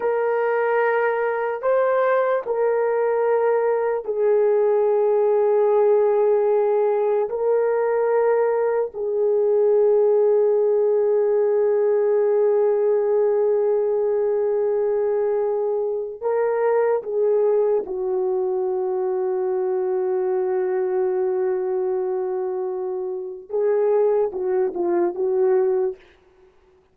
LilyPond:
\new Staff \with { instrumentName = "horn" } { \time 4/4 \tempo 4 = 74 ais'2 c''4 ais'4~ | ais'4 gis'2.~ | gis'4 ais'2 gis'4~ | gis'1~ |
gis'1 | ais'4 gis'4 fis'2~ | fis'1~ | fis'4 gis'4 fis'8 f'8 fis'4 | }